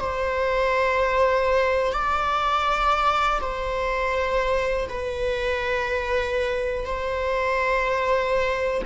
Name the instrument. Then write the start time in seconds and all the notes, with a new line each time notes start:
viola
0.00 C5
1.92 D5
3.40 C5
4.88 B4
6.85 C5